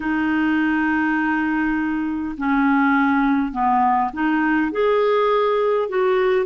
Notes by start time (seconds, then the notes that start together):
0.00 D#4
2.37 C#4
3.51 B3
4.13 D#4
4.71 G#4
5.88 F#4